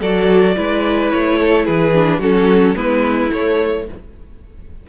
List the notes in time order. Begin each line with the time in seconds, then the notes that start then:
0.00 F#3 F#4 A4 D5
0.55 G#3 E4 B4
1.10 A3 C#5
1.39 A4
1.65 E3 G#4 B4
1.94 D4
2.19 F#3 C#4 F#4 A4
2.75 G#3 B3 E4 B4
3.30 A3 C#5